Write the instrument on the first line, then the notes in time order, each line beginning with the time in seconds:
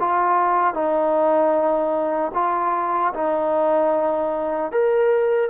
trombone
0.00 F4
0.74 D#4
2.35 F4
3.14 D#4
4.72 A#4